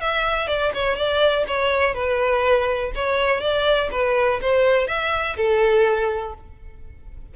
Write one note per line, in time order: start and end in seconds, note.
0.00 0.47 E5
0.47 0.71 D5
0.74 0.95 C#5
0.95 1.44 D5
1.47 1.94 C#5
1.94 2.91 B4
2.94 3.40 C#5
3.40 3.89 D5
3.91 4.40 B4
4.41 4.87 C5
4.87 5.36 E5
5.36 6.34 A4